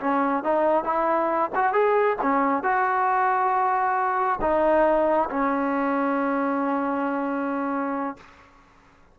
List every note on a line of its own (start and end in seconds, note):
0.00 0.43 C#4
0.43 0.84 D#4
0.84 1.50 E4
1.55 1.72 F#4
1.72 2.17 G#4
2.22 2.63 C#4
2.63 4.40 F#4
4.41 5.29 D#4
5.30 8.17 C#4